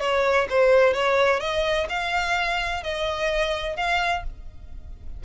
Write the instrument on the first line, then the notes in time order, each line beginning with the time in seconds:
violin
0.00 C#5
0.50 C5
0.93 C#5
1.40 D#5
1.89 F5
2.83 D#5
3.76 F5